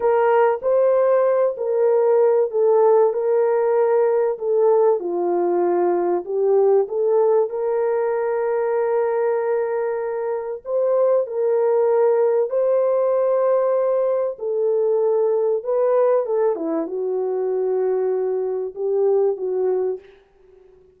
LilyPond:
\new Staff \with { instrumentName = "horn" } { \time 4/4 \tempo 4 = 96 ais'4 c''4. ais'4. | a'4 ais'2 a'4 | f'2 g'4 a'4 | ais'1~ |
ais'4 c''4 ais'2 | c''2. a'4~ | a'4 b'4 a'8 e'8 fis'4~ | fis'2 g'4 fis'4 | }